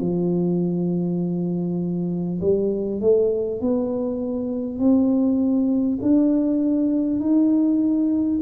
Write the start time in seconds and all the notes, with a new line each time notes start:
0.00 F3
2.41 G3
3.00 A3
3.60 B3
4.78 C4
6.02 D4
7.19 D#4